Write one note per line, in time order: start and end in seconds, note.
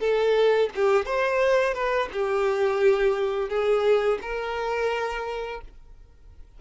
0.00 0.70 A4
0.75 1.06 G4
1.06 1.74 C5
1.74 2.09 B4
2.12 3.49 G4
3.49 4.19 G#4
4.22 5.61 A#4